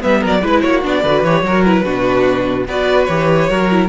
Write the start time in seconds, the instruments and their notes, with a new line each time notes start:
0.00 cello G3, viola B3, violin B4 E5
0.21 cello F#3, violin A#4
0.27 violin D5
0.42 cello G#3, viola E4, violin B4
0.61 cello A#3, violin F#4 C#5
0.83 cello B3, viola D4, violin D5
1.02 cello D3, viola F#4, violin B4
1.23 cello E3, viola G4, violin C#5
1.42 cello F#3, viola F#4, violin A#4
1.64 viola E4, violin B4
1.84 cello B2, viola D4, violin F#4
2.67 cello B3, viola F#4, violin B4 D5
3.05 cello E3, viola G4, violin C#5
3.49 cello F#3, viola F#4, violin A#4
3.71 viola E4